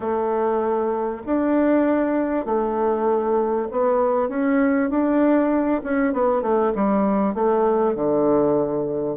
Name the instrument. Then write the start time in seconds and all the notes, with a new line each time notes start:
bassoon
0.00 A3
1.26 D4
2.45 A3
3.71 B3
4.29 C#4
4.90 D4
5.83 C#4
6.13 B3
6.41 A3
6.75 G3
7.34 A3
7.95 D3